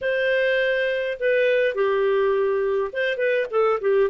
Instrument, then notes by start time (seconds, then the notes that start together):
clarinet
0.01 C5
1.19 B4
1.74 G4
2.92 C5
3.17 B4
3.50 A4
3.80 G4